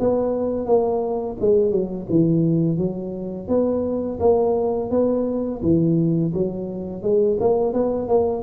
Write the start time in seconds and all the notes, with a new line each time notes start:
0.00 B3
0.66 A#3
1.41 G#3
1.71 F#3
2.10 E3
2.78 F#3
3.48 B3
4.20 A#3
4.91 B3
5.62 E3
6.34 F#3
7.03 G#3
7.40 A#3
7.73 B3
8.08 A#3